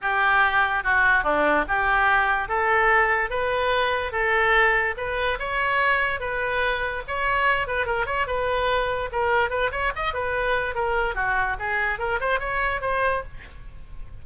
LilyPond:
\new Staff \with { instrumentName = "oboe" } { \time 4/4 \tempo 4 = 145 g'2 fis'4 d'4 | g'2 a'2 | b'2 a'2 | b'4 cis''2 b'4~ |
b'4 cis''4. b'8 ais'8 cis''8 | b'2 ais'4 b'8 cis''8 | dis''8 b'4. ais'4 fis'4 | gis'4 ais'8 c''8 cis''4 c''4 | }